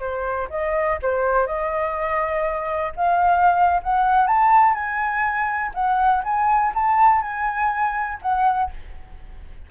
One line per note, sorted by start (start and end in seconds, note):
0.00 0.49 C5
0.50 0.99 D#5
1.03 1.47 C5
1.47 2.93 D#5
2.96 3.82 F5
3.83 4.27 F#5
4.27 4.74 A5
4.74 5.72 G#5
5.75 6.23 F#5
6.24 6.73 G#5
6.75 7.22 A5
7.22 8.19 G#5
8.22 8.71 F#5